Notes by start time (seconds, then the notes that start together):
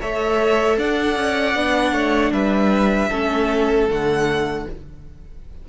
0.00 A3 A4 C#5 E5
0.77 D4 D5 F#5
1.16 C#4
1.55 B3 D4
1.92 A3 C#5
2.32 G3 B4 E5
3.09 A3 C#4 A4
3.88 D3 A3 F#5